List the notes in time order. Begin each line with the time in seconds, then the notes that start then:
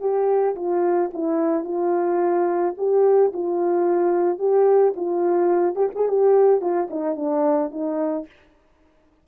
0.00 G4
0.56 F4
1.14 E4
1.64 F4
2.77 G4
3.33 F4
4.39 G4
4.96 F4
5.75 G4
5.95 G#4
6.08 G4
6.61 F4
6.90 D#4
7.16 D4
7.71 D#4